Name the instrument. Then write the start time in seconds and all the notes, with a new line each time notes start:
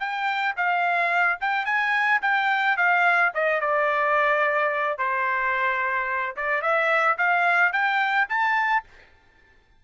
trumpet
0.00 G5
0.57 F5
1.41 G5
1.66 G#5
2.22 G5
2.77 F5
3.34 D#5
3.61 D5
4.98 C5
6.36 D5
6.62 E5
7.18 F5
7.73 G5
8.29 A5